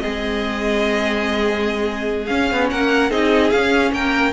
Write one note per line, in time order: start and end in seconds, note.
0.00 2.31 G#3
0.00 2.26 C4
0.00 2.70 G#4
0.00 2.26 D#5
2.27 3.11 C#4
2.27 2.51 C#4
2.27 2.68 F5
2.51 2.72 B3
2.71 3.11 A#3
2.71 3.11 A#4
2.71 3.12 F#5
3.11 3.52 C4
3.11 3.52 D#4
3.11 3.93 G#4
3.11 3.51 D#5
3.51 3.92 C#4
3.51 4.33 C#4
3.51 3.92 F5
3.92 4.33 A#3
3.92 4.33 A#4
3.92 4.33 G5